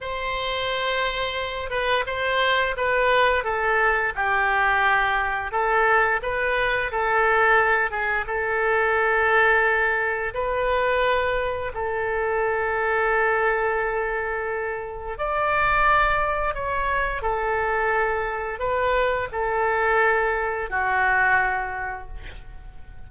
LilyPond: \new Staff \with { instrumentName = "oboe" } { \time 4/4 \tempo 4 = 87 c''2~ c''8 b'8 c''4 | b'4 a'4 g'2 | a'4 b'4 a'4. gis'8 | a'2. b'4~ |
b'4 a'2.~ | a'2 d''2 | cis''4 a'2 b'4 | a'2 fis'2 | }